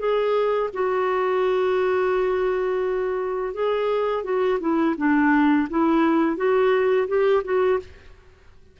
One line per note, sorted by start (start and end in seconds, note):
0.00 0.71 G#4
0.74 3.54 F#4
3.54 4.24 G#4
4.24 4.59 F#4
4.61 4.96 E4
4.98 5.69 D4
5.70 6.37 E4
6.37 7.08 F#4
7.08 7.43 G4
7.45 7.80 F#4